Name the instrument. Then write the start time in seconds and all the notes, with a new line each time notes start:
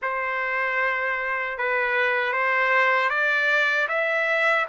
trumpet
0.02 C5
1.58 B4
2.32 C5
3.09 D5
3.88 E5